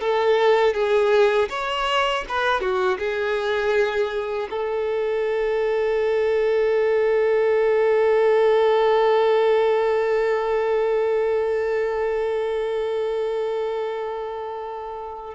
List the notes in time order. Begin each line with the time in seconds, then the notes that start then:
0.00 A4
0.74 G#4
1.49 C#5
2.28 B4
2.60 F#4
2.99 G#4
4.50 A4